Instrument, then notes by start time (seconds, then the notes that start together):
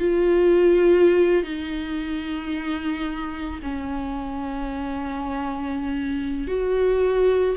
viola
0.00 F4
1.44 D#4
3.63 C#4
6.48 F#4